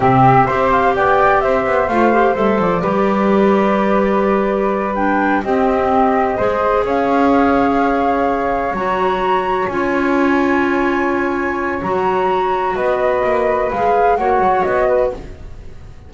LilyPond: <<
  \new Staff \with { instrumentName = "flute" } { \time 4/4 \tempo 4 = 127 e''4. f''8 g''4 e''4 | f''4 e''8 d''2~ d''8~ | d''2~ d''8 g''4 dis''8~ | dis''2~ dis''8 f''4.~ |
f''2~ f''8 ais''4.~ | ais''8 gis''2.~ gis''8~ | gis''4 ais''2 dis''4~ | dis''4 f''4 fis''4 dis''4 | }
  \new Staff \with { instrumentName = "flute" } { \time 4/4 g'4 c''4 d''4 c''4~ | c''2 b'2~ | b'2.~ b'8 g'8~ | g'4. c''4 cis''4.~ |
cis''1~ | cis''1~ | cis''2. b'4~ | b'2 cis''4. b'8 | }
  \new Staff \with { instrumentName = "clarinet" } { \time 4/4 c'4 g'2. | f'8 g'8 a'4 g'2~ | g'2~ g'8 d'4 c'8~ | c'4. gis'2~ gis'8~ |
gis'2~ gis'8 fis'4.~ | fis'8 f'2.~ f'8~ | f'4 fis'2.~ | fis'4 gis'4 fis'2 | }
  \new Staff \with { instrumentName = "double bass" } { \time 4/4 c4 c'4 b4 c'8 b8 | a4 g8 f8 g2~ | g2.~ g8 c'8~ | c'4. gis4 cis'4.~ |
cis'2~ cis'8 fis4.~ | fis8 cis'2.~ cis'8~ | cis'4 fis2 b4 | ais4 gis4 ais8 fis8 b4 | }
>>